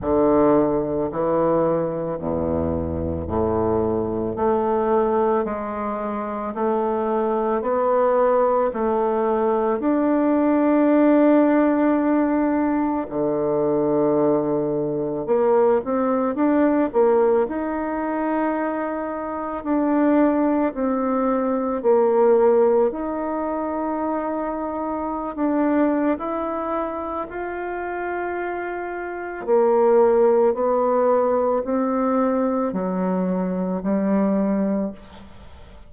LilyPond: \new Staff \with { instrumentName = "bassoon" } { \time 4/4 \tempo 4 = 55 d4 e4 e,4 a,4 | a4 gis4 a4 b4 | a4 d'2. | d2 ais8 c'8 d'8 ais8 |
dis'2 d'4 c'4 | ais4 dis'2~ dis'16 d'8. | e'4 f'2 ais4 | b4 c'4 fis4 g4 | }